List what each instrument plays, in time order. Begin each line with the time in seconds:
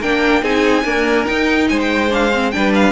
0.00 cello A#3, viola D4, violin A#4 G5
0.42 cello C4, viola D#4, violin G#4 G#5
0.85 viola A#3, cello D4, violin A#4
1.26 viola D#4, cello D#4, violin G5
1.70 cello G#3, violin C5 G#5
1.81 violin G5
2.11 viola D4, violin F5
2.34 viola C4
2.52 cello G3, viola D4, violin B4 G5
2.75 violin F5